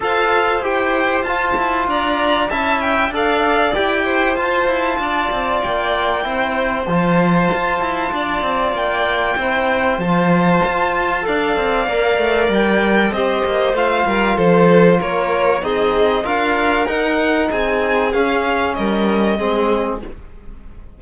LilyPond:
<<
  \new Staff \with { instrumentName = "violin" } { \time 4/4 \tempo 4 = 96 f''4 g''4 a''4 ais''4 | a''8 g''8 f''4 g''4 a''4~ | a''4 g''2 a''4~ | a''2 g''2 |
a''2 f''2 | g''4 dis''4 f''4 c''4 | cis''4 dis''4 f''4 fis''4 | gis''4 f''4 dis''2 | }
  \new Staff \with { instrumentName = "violin" } { \time 4/4 c''2. d''4 | e''4 d''4. c''4. | d''2 c''2~ | c''4 d''2 c''4~ |
c''2 d''2~ | d''4 c''4. ais'8 a'4 | ais'4 gis'4 ais'2 | gis'2 ais'4 gis'4 | }
  \new Staff \with { instrumentName = "trombone" } { \time 4/4 a'4 g'4 f'2 | e'4 a'4 g'4 f'4~ | f'2 e'4 f'4~ | f'2. e'4 |
f'2 a'4 ais'4~ | ais'4 g'4 f'2~ | f'4 dis'4 f'4 dis'4~ | dis'4 cis'2 c'4 | }
  \new Staff \with { instrumentName = "cello" } { \time 4/4 f'4 e'4 f'8 e'8 d'4 | cis'4 d'4 e'4 f'8 e'8 | d'8 c'8 ais4 c'4 f4 | f'8 e'8 d'8 c'8 ais4 c'4 |
f4 f'4 d'8 c'8 ais8 a8 | g4 c'8 ais8 a8 g8 f4 | ais4 c'4 d'4 dis'4 | c'4 cis'4 g4 gis4 | }
>>